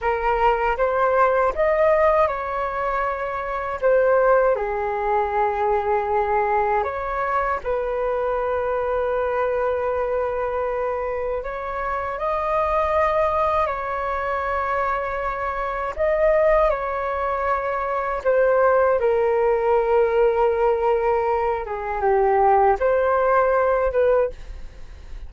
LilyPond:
\new Staff \with { instrumentName = "flute" } { \time 4/4 \tempo 4 = 79 ais'4 c''4 dis''4 cis''4~ | cis''4 c''4 gis'2~ | gis'4 cis''4 b'2~ | b'2. cis''4 |
dis''2 cis''2~ | cis''4 dis''4 cis''2 | c''4 ais'2.~ | ais'8 gis'8 g'4 c''4. b'8 | }